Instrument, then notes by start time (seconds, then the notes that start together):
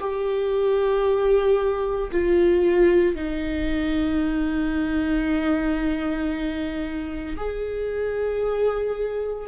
viola
0.00 G4
2.11 F4
3.15 D#4
7.37 G#4